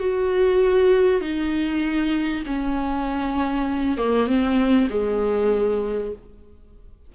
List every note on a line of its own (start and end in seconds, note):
0.00 1.21 F#4
1.21 2.44 D#4
2.47 3.98 C#4
3.98 4.27 A#3
4.27 4.89 C4
4.90 6.13 G#3